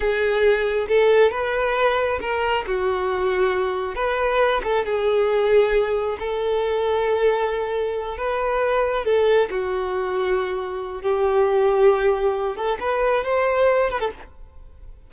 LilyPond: \new Staff \with { instrumentName = "violin" } { \time 4/4 \tempo 4 = 136 gis'2 a'4 b'4~ | b'4 ais'4 fis'2~ | fis'4 b'4. a'8 gis'4~ | gis'2 a'2~ |
a'2~ a'8 b'4.~ | b'8 a'4 fis'2~ fis'8~ | fis'4 g'2.~ | g'8 a'8 b'4 c''4. b'16 a'16 | }